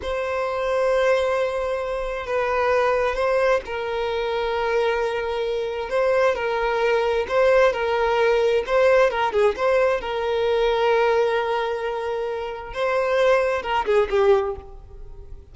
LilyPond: \new Staff \with { instrumentName = "violin" } { \time 4/4 \tempo 4 = 132 c''1~ | c''4 b'2 c''4 | ais'1~ | ais'4 c''4 ais'2 |
c''4 ais'2 c''4 | ais'8 gis'8 c''4 ais'2~ | ais'1 | c''2 ais'8 gis'8 g'4 | }